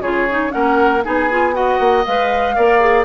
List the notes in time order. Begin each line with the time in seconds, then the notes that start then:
0.00 C#3 F4 G#4 C#5
0.30 D#4
0.50 A#3 C#4 A#4 F#5
1.04 B3 D#4 G#4 G#5
1.30 F4
1.53 F#4 D#5 F#5
1.80 A#3
2.05 G#3 B4 F5
2.56 A#3 A#4 D5
2.80 G#4